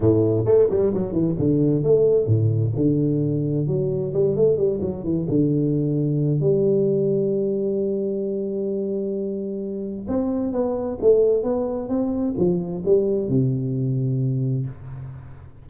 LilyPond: \new Staff \with { instrumentName = "tuba" } { \time 4/4 \tempo 4 = 131 a,4 a8 g8 fis8 e8 d4 | a4 a,4 d2 | fis4 g8 a8 g8 fis8 e8 d8~ | d2 g2~ |
g1~ | g2 c'4 b4 | a4 b4 c'4 f4 | g4 c2. | }